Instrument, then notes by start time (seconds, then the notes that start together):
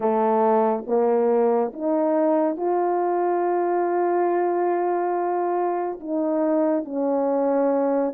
horn
0.00 A3
0.86 A#3
1.73 D#4
2.56 F4
6.00 D#4
6.85 C#4